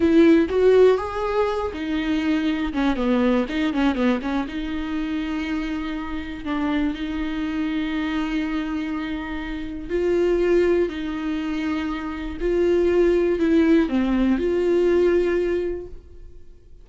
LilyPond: \new Staff \with { instrumentName = "viola" } { \time 4/4 \tempo 4 = 121 e'4 fis'4 gis'4. dis'8~ | dis'4. cis'8 b4 dis'8 cis'8 | b8 cis'8 dis'2.~ | dis'4 d'4 dis'2~ |
dis'1 | f'2 dis'2~ | dis'4 f'2 e'4 | c'4 f'2. | }